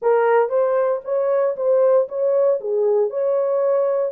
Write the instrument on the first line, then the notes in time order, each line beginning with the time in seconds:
horn
0.02 A#4
0.49 C5
1.04 C#5
1.56 C5
2.08 C#5
2.60 G#4
3.10 C#5